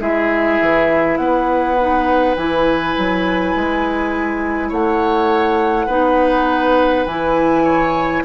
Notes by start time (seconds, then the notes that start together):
0.00 G#3 E4 G#4 E5
0.61 E3
1.17 B3 B4 F#5
1.79 D#4
2.35 E3 E4 G#5
2.97 F#3
3.55 G#3
4.69 A3 C#5 F#5
5.86 B3 D#4 B4
7.06 E3 E4 G#5
7.64 C#5